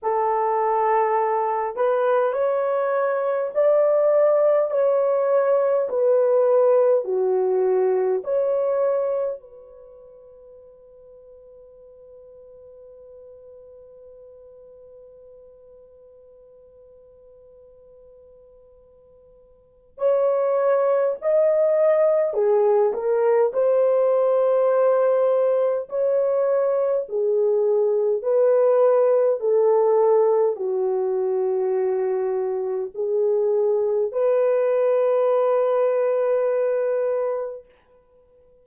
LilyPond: \new Staff \with { instrumentName = "horn" } { \time 4/4 \tempo 4 = 51 a'4. b'8 cis''4 d''4 | cis''4 b'4 fis'4 cis''4 | b'1~ | b'1~ |
b'4 cis''4 dis''4 gis'8 ais'8 | c''2 cis''4 gis'4 | b'4 a'4 fis'2 | gis'4 b'2. | }